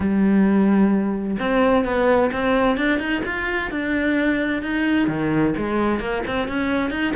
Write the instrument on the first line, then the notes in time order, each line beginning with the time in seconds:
cello
0.00 G3
1.39 C4
1.84 B3
2.32 C4
2.77 D4
2.99 D#4
3.25 F4
3.70 D4
4.62 D#4
5.07 D#3
5.57 G#3
5.99 A#3
6.26 C4
6.48 C#4
6.90 D#4